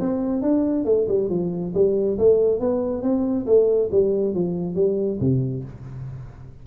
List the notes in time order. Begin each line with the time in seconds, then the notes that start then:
0.00 C4
0.42 D4
0.85 A3
1.08 G3
1.30 F3
1.74 G3
2.18 A3
2.60 B3
3.03 C4
3.46 A3
3.91 G3
4.34 F3
4.75 G3
5.20 C3